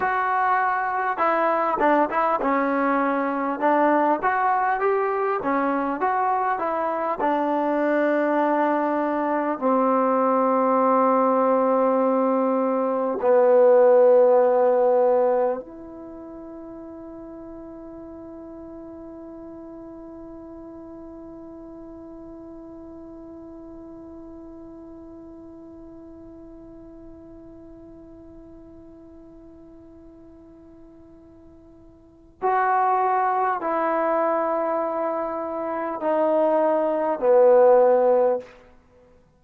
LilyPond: \new Staff \with { instrumentName = "trombone" } { \time 4/4 \tempo 4 = 50 fis'4 e'8 d'16 e'16 cis'4 d'8 fis'8 | g'8 cis'8 fis'8 e'8 d'2 | c'2. b4~ | b4 e'2.~ |
e'1~ | e'1~ | e'2. fis'4 | e'2 dis'4 b4 | }